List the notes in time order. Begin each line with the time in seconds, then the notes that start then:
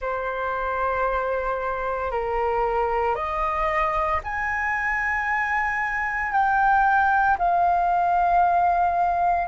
0.00 C5
2.11 A#4
3.15 D#5
4.23 G#5
6.32 G5
7.38 F5